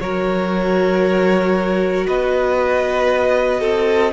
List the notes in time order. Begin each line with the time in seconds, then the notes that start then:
0.00 F#3 F#4 A#4 C#5
2.07 B3 B4 D#5
3.60 C4 A4